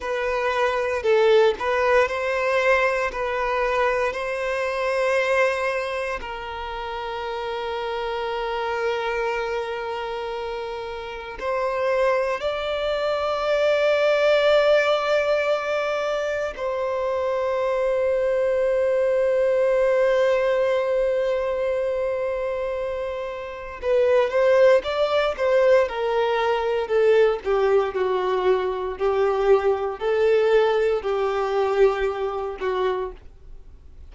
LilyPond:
\new Staff \with { instrumentName = "violin" } { \time 4/4 \tempo 4 = 58 b'4 a'8 b'8 c''4 b'4 | c''2 ais'2~ | ais'2. c''4 | d''1 |
c''1~ | c''2. b'8 c''8 | d''8 c''8 ais'4 a'8 g'8 fis'4 | g'4 a'4 g'4. fis'8 | }